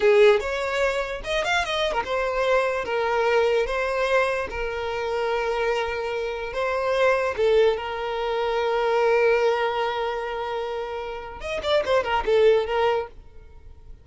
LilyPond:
\new Staff \with { instrumentName = "violin" } { \time 4/4 \tempo 4 = 147 gis'4 cis''2 dis''8 f''8 | dis''8. ais'16 c''2 ais'4~ | ais'4 c''2 ais'4~ | ais'1 |
c''2 a'4 ais'4~ | ais'1~ | ais'1 | dis''8 d''8 c''8 ais'8 a'4 ais'4 | }